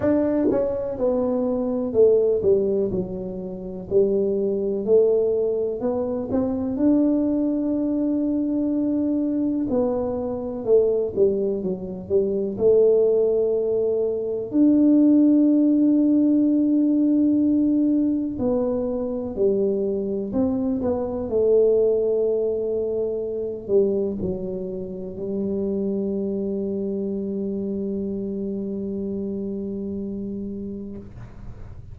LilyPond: \new Staff \with { instrumentName = "tuba" } { \time 4/4 \tempo 4 = 62 d'8 cis'8 b4 a8 g8 fis4 | g4 a4 b8 c'8 d'4~ | d'2 b4 a8 g8 | fis8 g8 a2 d'4~ |
d'2. b4 | g4 c'8 b8 a2~ | a8 g8 fis4 g2~ | g1 | }